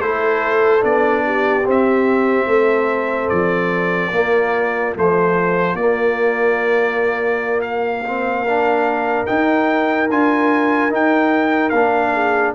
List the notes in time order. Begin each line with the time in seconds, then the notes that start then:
0.00 A3 E4 A4 C5
0.81 B3 D4 D5
1.25 G4
1.65 C4 E5
2.46 A3 A4
3.29 F3 D5
4.12 A#3 F4
4.96 F3 A3 C5
5.74 A#3 D5
7.61 F5
8.05 C4
8.43 D4 A#4
9.26 D#4 G5
10.10 D4 F4 G#5
10.90 D#4 G5
11.70 A#3 D4 F5
12.13 G#4